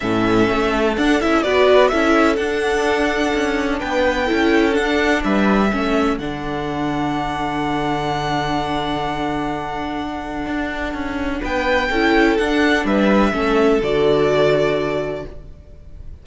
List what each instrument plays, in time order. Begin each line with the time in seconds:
0.00 cello A2, viola C#4, violin A4 E5
0.49 cello A3
0.97 cello D4, viola D4, violin F#5
1.20 cello C#4, viola E4, violin E5
1.42 cello B3, viola F#4, violin B4 D5
1.88 cello C#4, viola E4, violin A4 E5
2.36 cello D4, viola D4, violin F#5
3.34 cello C#4
3.79 cello B3, violin B4 G5
4.25 viola E4, violin A4
4.31 cello C#4
4.72 viola D4, violin F#5
4.78 cello D4
5.24 cello G3, violin B4 E5
5.71 cello A3, viola C#4, violin A4
6.17 cello D3, viola D4, violin F#5
10.46 cello D4
10.93 cello C#4
11.41 cello B3, violin B4 G5
11.90 cello C#4, viola E4, violin A4
12.37 viola D4, cello D4, violin F#5
12.84 cello G3, violin B4 E5
13.32 cello A3, viola C#4, violin A4
13.81 cello D3, viola F#4, violin D5